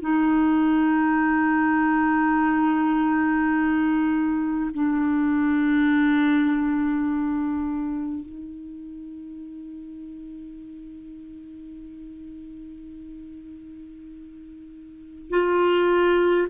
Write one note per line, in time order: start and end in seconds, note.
0.00 4.71 D#4
4.73 8.25 D4
8.25 15.30 D#4
15.30 16.48 F4